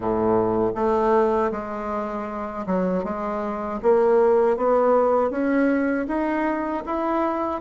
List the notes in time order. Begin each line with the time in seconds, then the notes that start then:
0.00 A2
0.75 A3
1.51 G#3
2.66 F#3
3.03 G#3
3.82 A#3
4.56 B3
5.30 C#4
6.07 D#4
6.86 E4